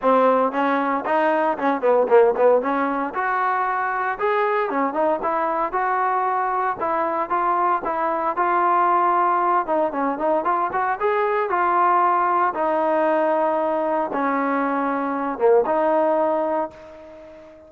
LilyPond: \new Staff \with { instrumentName = "trombone" } { \time 4/4 \tempo 4 = 115 c'4 cis'4 dis'4 cis'8 b8 | ais8 b8 cis'4 fis'2 | gis'4 cis'8 dis'8 e'4 fis'4~ | fis'4 e'4 f'4 e'4 |
f'2~ f'8 dis'8 cis'8 dis'8 | f'8 fis'8 gis'4 f'2 | dis'2. cis'4~ | cis'4. ais8 dis'2 | }